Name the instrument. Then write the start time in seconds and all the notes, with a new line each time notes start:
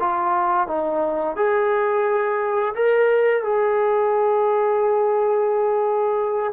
trombone
0.00 F4
0.67 D#4
1.36 G#4
2.75 A#4
3.43 G#4